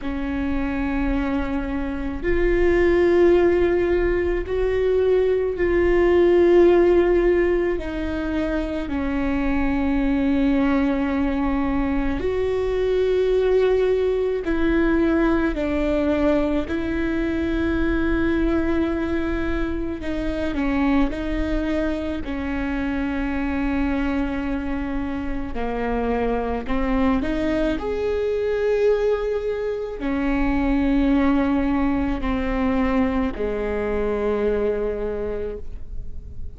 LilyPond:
\new Staff \with { instrumentName = "viola" } { \time 4/4 \tempo 4 = 54 cis'2 f'2 | fis'4 f'2 dis'4 | cis'2. fis'4~ | fis'4 e'4 d'4 e'4~ |
e'2 dis'8 cis'8 dis'4 | cis'2. ais4 | c'8 dis'8 gis'2 cis'4~ | cis'4 c'4 gis2 | }